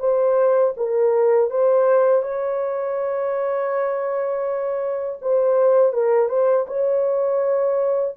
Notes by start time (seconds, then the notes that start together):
0.00 C5
0.77 A#4
1.51 C5
2.23 C#5
5.22 C5
5.93 A#4
6.29 C5
6.68 C#5